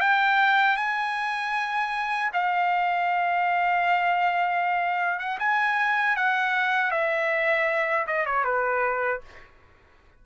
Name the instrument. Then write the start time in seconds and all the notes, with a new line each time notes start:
trumpet
0.00 G5
0.77 G#5
2.33 F5
5.19 F#5
5.39 G#5
6.16 F#5
6.91 E5
8.07 D#5
8.26 C#5
8.44 B4